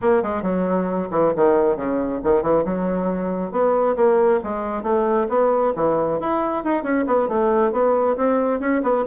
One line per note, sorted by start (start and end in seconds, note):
0.01 0.22 A#3
0.22 0.42 G#3
0.42 1.08 F#3
1.10 1.33 E3
1.36 1.76 D#3
1.76 2.20 C#3
2.23 2.42 D#3
2.42 2.64 E3
2.64 3.51 F#3
3.51 3.95 B3
3.96 4.40 A#3
4.43 4.82 G#3
4.82 5.27 A3
5.28 5.73 B3
5.75 6.19 E3
6.20 6.63 E4
6.63 6.83 D#4
6.83 7.05 C#4
7.06 7.28 B3
7.28 7.72 A3
7.72 8.16 B3
8.16 8.60 C4
8.60 8.82 C#4
8.82 9.04 B3